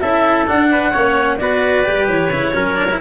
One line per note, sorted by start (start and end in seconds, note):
0.00 0.48 C#4
0.00 0.47 E4
0.00 0.70 A4
0.00 0.46 E5
0.47 0.93 D4
0.47 0.94 D4
0.47 1.38 F#5
0.71 0.92 B4
0.92 1.41 A#3
0.92 1.40 C#4
0.92 1.37 C#5
1.38 1.87 B3
1.38 1.85 F#4
1.38 2.55 B4
1.38 2.06 D5
1.85 2.08 G3
1.85 2.30 G4
2.08 2.30 E3
2.08 3.00 C#5
2.30 2.53 C#3
2.30 2.54 E4
2.54 3.00 F#3
2.54 2.76 C#4
2.54 3.01 A#4
2.76 2.87 D4
2.91 3.01 E4